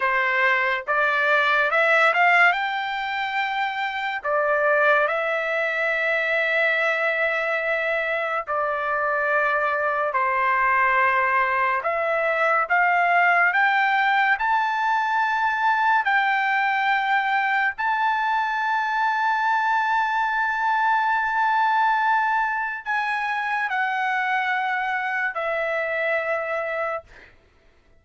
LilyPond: \new Staff \with { instrumentName = "trumpet" } { \time 4/4 \tempo 4 = 71 c''4 d''4 e''8 f''8 g''4~ | g''4 d''4 e''2~ | e''2 d''2 | c''2 e''4 f''4 |
g''4 a''2 g''4~ | g''4 a''2.~ | a''2. gis''4 | fis''2 e''2 | }